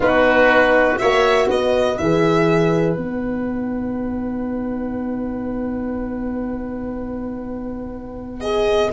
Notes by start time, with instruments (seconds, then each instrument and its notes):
0.00 tuba B3, horn D#4, oboe F#4, violin B4
0.97 tuba A#3, horn F#4, oboe C#5, violin E5
1.48 tuba B3, oboe B4, violin D#5
1.98 tuba E3, horn G#4, violin E5
2.96 tuba B3, horn D#4, violin F#5
8.40 horn G#4, violin D#5